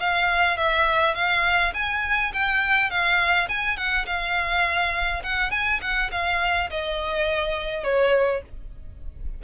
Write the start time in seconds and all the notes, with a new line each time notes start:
0.00 F5
0.57 E5
1.15 F5
1.74 G#5
2.34 G5
2.90 F5
3.49 G#5
3.77 F#5
4.07 F5
5.24 F#5
5.51 G#5
5.82 F#5
6.12 F5
6.70 D#5
7.84 C#5